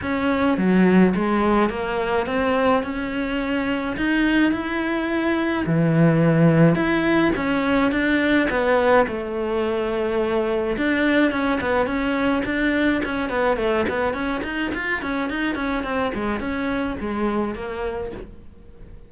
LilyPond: \new Staff \with { instrumentName = "cello" } { \time 4/4 \tempo 4 = 106 cis'4 fis4 gis4 ais4 | c'4 cis'2 dis'4 | e'2 e2 | e'4 cis'4 d'4 b4 |
a2. d'4 | cis'8 b8 cis'4 d'4 cis'8 b8 | a8 b8 cis'8 dis'8 f'8 cis'8 dis'8 cis'8 | c'8 gis8 cis'4 gis4 ais4 | }